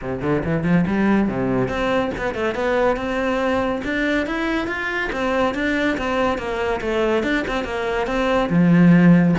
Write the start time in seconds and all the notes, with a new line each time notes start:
0.01 C3
0.21 D3
0.44 E3
0.63 F3
0.87 G3
1.28 C3
1.68 C4
2.17 B3
2.34 A3
2.54 B3
2.96 C4
3.84 D4
4.26 E4
4.67 F4
5.12 C4
5.54 D4
5.97 C4
6.37 A#3
6.80 A3
7.23 D4
7.47 C4
7.64 A#3
8.06 C4
8.49 F3